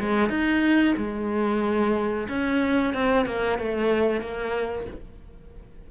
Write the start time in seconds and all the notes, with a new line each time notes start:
0.00 G#3
0.30 D#4
0.97 G#3
2.29 C#4
2.94 C4
3.26 A#3
3.59 A3
4.21 A#3